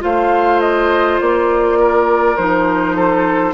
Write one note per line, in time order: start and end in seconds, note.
0.00 1.21 A3
0.00 2.35 F4
0.00 1.79 C5
0.00 0.60 F5
0.60 1.19 D#5
1.20 2.38 A#3
1.20 2.37 D5
1.79 2.96 A#4
2.37 3.54 F3
2.37 3.54 D#4
2.37 3.54 C5
2.96 3.54 A4